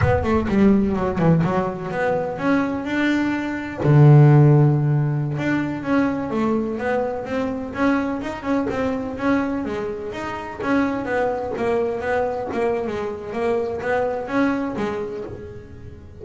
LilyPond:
\new Staff \with { instrumentName = "double bass" } { \time 4/4 \tempo 4 = 126 b8 a8 g4 fis8 e8 fis4 | b4 cis'4 d'2 | d2.~ d16 d'8.~ | d'16 cis'4 a4 b4 c'8.~ |
c'16 cis'4 dis'8 cis'8 c'4 cis'8.~ | cis'16 gis4 dis'4 cis'4 b8.~ | b16 ais4 b4 ais8. gis4 | ais4 b4 cis'4 gis4 | }